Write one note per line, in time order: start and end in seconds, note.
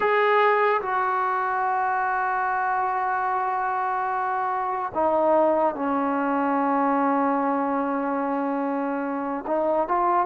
0.00 0.81 G#4
0.81 4.92 F#4
4.94 5.75 D#4
5.75 9.44 C#4
9.46 9.87 D#4
9.87 10.26 F4